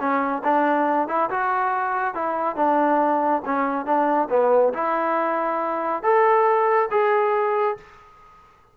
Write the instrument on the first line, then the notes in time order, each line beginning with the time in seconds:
trombone
0.00 C#4
0.45 D4
1.09 E4
1.30 F#4
2.15 E4
2.57 D4
3.46 C#4
3.86 D4
4.31 B3
4.74 E4
6.03 A4
6.91 G#4